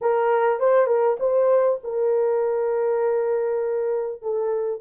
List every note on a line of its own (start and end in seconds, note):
0.01 0.59 A#4
0.59 0.86 C5
0.86 1.16 A#4
1.19 1.79 C5
1.83 4.22 A#4
4.22 4.81 A4